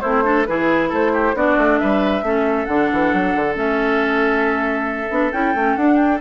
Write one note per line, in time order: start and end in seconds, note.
0.00 0.47 A3
0.00 0.23 C4
0.00 0.23 E4
0.00 0.44 C5
0.23 0.45 D4
0.23 0.47 A4
0.45 0.92 E3
0.45 1.35 E4
0.45 0.89 G#4
0.45 0.89 B4
0.89 1.34 A3
0.89 1.11 A4
0.89 1.36 C5
1.13 1.35 G4
1.34 1.56 B3
1.34 2.23 D4
1.34 1.80 F#4
1.34 1.78 D5
1.57 1.79 A3
1.78 2.22 G3
1.78 2.24 B4
1.78 2.65 E5
2.22 2.66 A3
2.22 2.67 C#4
2.22 6.20 A4
2.65 2.90 D3
2.65 3.54 D4
2.65 3.53 F#5
2.92 3.13 E3
3.13 3.35 F#3
3.35 3.55 D3
3.54 5.09 A3
3.54 5.09 C#4
3.54 5.32 E5
5.09 5.32 B3
5.09 5.31 D4
5.32 5.54 C#4
5.32 5.54 E4
5.32 5.75 G5
5.54 5.76 A3
5.54 5.78 C#4
5.75 6.20 D4
5.75 5.96 F#5
5.96 6.18 G5